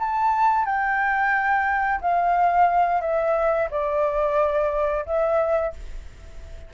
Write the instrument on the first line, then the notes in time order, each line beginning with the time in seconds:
flute
0.00 A5
0.66 G5
2.01 F5
3.02 E5
3.71 D5
5.06 E5